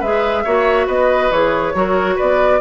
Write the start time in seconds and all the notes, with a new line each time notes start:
0.00 G#3 G#4 B4 E5
0.44 A#3 F#4 C#5
0.87 B3 B4 D#5
1.31 E3 G#4 C#5
1.75 F#3 F#4 A#4
2.16 B3 B4 D5